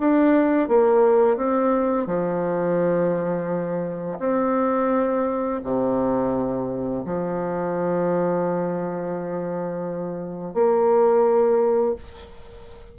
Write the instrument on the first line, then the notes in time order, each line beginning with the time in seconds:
bassoon
0.00 D4
0.69 A#3
1.37 C4
2.07 F3
4.20 C4
5.64 C3
7.06 F3
10.55 A#3